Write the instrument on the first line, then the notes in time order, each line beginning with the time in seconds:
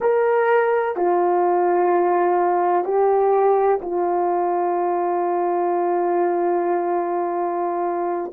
horn
0.00 A#4
0.96 F4
2.84 G4
3.81 F4